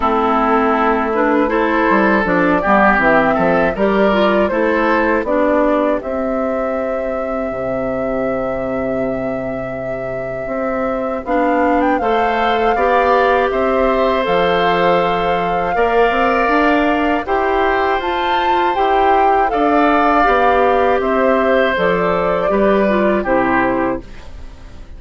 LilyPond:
<<
  \new Staff \with { instrumentName = "flute" } { \time 4/4 \tempo 4 = 80 a'4. b'8 c''4 d''4 | e''4 d''4 c''4 d''4 | e''1~ | e''2. f''8. g''16 |
f''2 e''4 f''4~ | f''2. g''4 | a''4 g''4 f''2 | e''4 d''2 c''4 | }
  \new Staff \with { instrumentName = "oboe" } { \time 4/4 e'2 a'4. g'8~ | g'8 a'8 ais'4 a'4 g'4~ | g'1~ | g'1 |
c''4 d''4 c''2~ | c''4 d''2 c''4~ | c''2 d''2 | c''2 b'4 g'4 | }
  \new Staff \with { instrumentName = "clarinet" } { \time 4/4 c'4. d'8 e'4 d'8 b8 | c'4 g'8 f'8 e'4 d'4 | c'1~ | c'2. d'4 |
a'4 g'2 a'4~ | a'4 ais'2 g'4 | f'4 g'4 a'4 g'4~ | g'4 a'4 g'8 f'8 e'4 | }
  \new Staff \with { instrumentName = "bassoon" } { \time 4/4 a2~ a8 g8 f8 g8 | e8 f8 g4 a4 b4 | c'2 c2~ | c2 c'4 b4 |
a4 b4 c'4 f4~ | f4 ais8 c'8 d'4 e'4 | f'4 e'4 d'4 b4 | c'4 f4 g4 c4 | }
>>